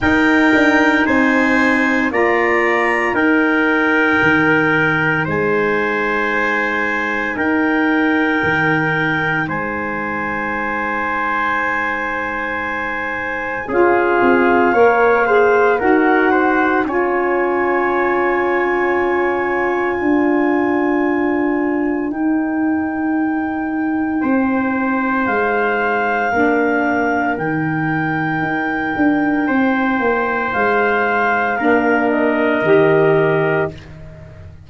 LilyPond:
<<
  \new Staff \with { instrumentName = "clarinet" } { \time 4/4 \tempo 4 = 57 g''4 gis''4 ais''4 g''4~ | g''4 gis''2 g''4~ | g''4 gis''2.~ | gis''4 f''2 fis''4 |
gis''1~ | gis''4 g''2. | f''2 g''2~ | g''4 f''4. dis''4. | }
  \new Staff \with { instrumentName = "trumpet" } { \time 4/4 ais'4 c''4 d''4 ais'4~ | ais'4 c''2 ais'4~ | ais'4 c''2.~ | c''4 gis'4 cis''8 c''8 ais'8 c''8 |
cis''2. ais'4~ | ais'2. c''4~ | c''4 ais'2. | c''2 ais'2 | }
  \new Staff \with { instrumentName = "saxophone" } { \time 4/4 dis'2 f'4 dis'4~ | dis'1~ | dis'1~ | dis'4 f'4 ais'8 gis'8 fis'4 |
f'1~ | f'4 dis'2.~ | dis'4 d'4 dis'2~ | dis'2 d'4 g'4 | }
  \new Staff \with { instrumentName = "tuba" } { \time 4/4 dis'8 d'8 c'4 ais4 dis'4 | dis4 gis2 dis'4 | dis4 gis2.~ | gis4 cis'8 c'8 ais4 dis'4 |
cis'2. d'4~ | d'4 dis'2 c'4 | gis4 ais4 dis4 dis'8 d'8 | c'8 ais8 gis4 ais4 dis4 | }
>>